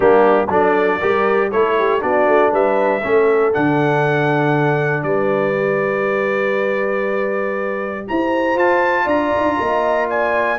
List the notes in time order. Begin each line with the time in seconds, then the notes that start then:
0.00 G3 A#3 D4 G4
0.48 F#3 D4 A4 D5
0.98 G3 G4 A#4
1.51 A3 E4 A4 C#5
1.78 G4
1.99 B3 D4 F#4 D5
2.27 A3
2.51 G3 B4 E5
3.03 A3 C#4 A4
3.53 D3 D4 F#5
5.03 G3 B4 D5
5.53 G4
8.07 E4 C5 A#5
8.54 F4 A5
9.04 D4 D5 A#5
9.36 D#4
9.44 D4
9.59 A#3 D#5
10.09 D5 G#5